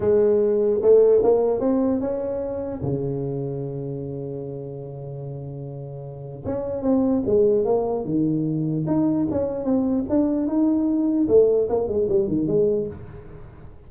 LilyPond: \new Staff \with { instrumentName = "tuba" } { \time 4/4 \tempo 4 = 149 gis2 a4 ais4 | c'4 cis'2 cis4~ | cis1~ | cis1 |
cis'4 c'4 gis4 ais4 | dis2 dis'4 cis'4 | c'4 d'4 dis'2 | a4 ais8 gis8 g8 dis8 gis4 | }